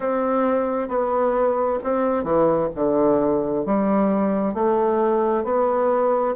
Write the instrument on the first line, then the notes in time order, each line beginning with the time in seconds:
bassoon
0.00 C4
0.88 B3
1.83 C4
2.23 E3
2.75 D3
3.65 G3
4.53 A3
5.44 B3